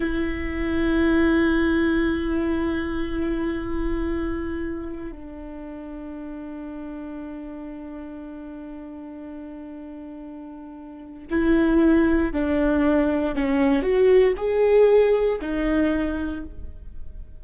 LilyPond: \new Staff \with { instrumentName = "viola" } { \time 4/4 \tempo 4 = 117 e'1~ | e'1~ | e'2 d'2~ | d'1~ |
d'1~ | d'2 e'2 | d'2 cis'4 fis'4 | gis'2 dis'2 | }